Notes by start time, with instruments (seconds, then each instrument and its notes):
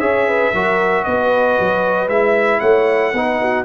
0.00 tuba C#4, trombone G#4, horn C#5, trumpet E5
0.28 horn B4
0.53 tuba F#3, trombone F#4, horn A#4
1.04 tuba B3, horn B4, trumpet D#5
1.59 tuba F#3
2.08 tuba G#3, trombone E4, trumpet E5
2.60 tuba A3, horn C#5, trumpet F#5
3.13 tuba B3, trombone D#4, horn B4
3.41 horn F#4